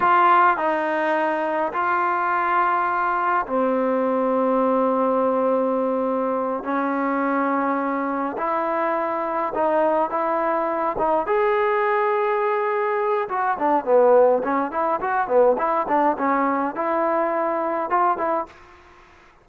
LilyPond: \new Staff \with { instrumentName = "trombone" } { \time 4/4 \tempo 4 = 104 f'4 dis'2 f'4~ | f'2 c'2~ | c'2.~ c'8 cis'8~ | cis'2~ cis'8 e'4.~ |
e'8 dis'4 e'4. dis'8 gis'8~ | gis'2. fis'8 d'8 | b4 cis'8 e'8 fis'8 b8 e'8 d'8 | cis'4 e'2 f'8 e'8 | }